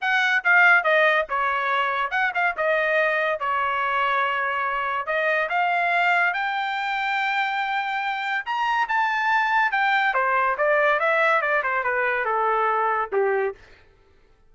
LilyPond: \new Staff \with { instrumentName = "trumpet" } { \time 4/4 \tempo 4 = 142 fis''4 f''4 dis''4 cis''4~ | cis''4 fis''8 f''8 dis''2 | cis''1 | dis''4 f''2 g''4~ |
g''1 | ais''4 a''2 g''4 | c''4 d''4 e''4 d''8 c''8 | b'4 a'2 g'4 | }